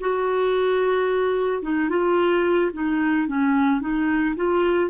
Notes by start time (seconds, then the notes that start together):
0.00 F#4
1.62 D#4
1.89 F4
2.73 D#4
3.27 C#4
3.80 D#4
4.35 F4